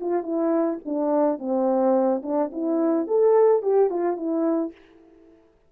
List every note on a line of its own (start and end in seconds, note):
0.00 0.23 F4
0.23 0.78 E4
0.85 1.39 D4
1.39 2.22 C4
2.22 2.50 D4
2.52 3.07 E4
3.07 3.62 A4
3.62 3.90 G4
3.90 4.16 F4
4.16 4.72 E4